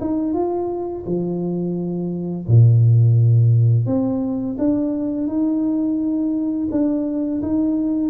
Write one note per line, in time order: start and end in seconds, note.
0.00 0.33 D#4
0.33 1.04 F4
1.06 2.47 F3
2.47 3.86 A#2
3.86 4.56 C4
4.58 5.27 D4
5.27 6.68 D#4
6.71 7.41 D4
7.41 8.10 D#4